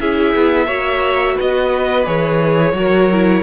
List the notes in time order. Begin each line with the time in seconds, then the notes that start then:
0.00 C#4 E4 G#4 E5
0.35 B3
0.67 A#3 F#4 C#5
1.35 B3 B4 D#5
2.06 E3 G#4 C#5
2.73 F#3 F#4 A#4
3.12 E4